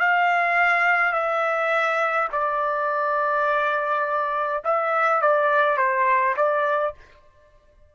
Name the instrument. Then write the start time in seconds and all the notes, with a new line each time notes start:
trumpet
0.00 F5
1.12 E5
2.32 D5
4.64 E5
5.21 D5
5.77 C5
6.36 D5